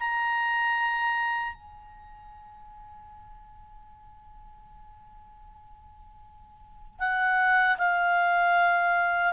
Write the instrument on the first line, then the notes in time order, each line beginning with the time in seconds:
clarinet
0.00 A#5
1.54 G#5
7.00 F#5
7.79 F5